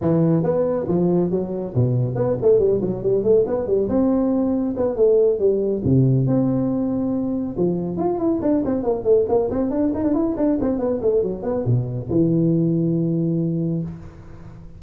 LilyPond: \new Staff \with { instrumentName = "tuba" } { \time 4/4 \tempo 4 = 139 e4 b4 f4 fis4 | b,4 b8 a8 g8 fis8 g8 a8 | b8 g8 c'2 b8 a8~ | a8 g4 c4 c'4.~ |
c'4. f4 f'8 e'8 d'8 | c'8 ais8 a8 ais8 c'8 d'8 dis'16 d'16 e'8 | d'8 c'8 b8 a8 fis8 b8 b,4 | e1 | }